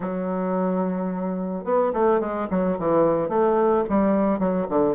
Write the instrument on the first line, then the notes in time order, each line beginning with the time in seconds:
bassoon
0.00 F#3
1.64 B3
1.93 A3
2.20 G#3
2.50 F#3
2.78 E3
3.29 A3
3.89 G3
4.39 F#3
4.69 D3